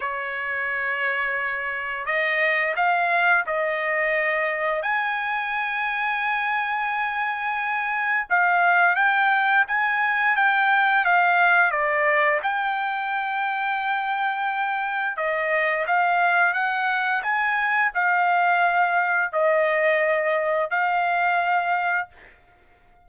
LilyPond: \new Staff \with { instrumentName = "trumpet" } { \time 4/4 \tempo 4 = 87 cis''2. dis''4 | f''4 dis''2 gis''4~ | gis''1 | f''4 g''4 gis''4 g''4 |
f''4 d''4 g''2~ | g''2 dis''4 f''4 | fis''4 gis''4 f''2 | dis''2 f''2 | }